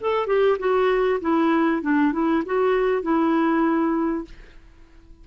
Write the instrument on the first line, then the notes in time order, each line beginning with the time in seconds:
clarinet
0.00 A4
0.26 G4
0.58 F#4
1.21 E4
1.82 D4
2.12 E4
2.45 F#4
3.02 E4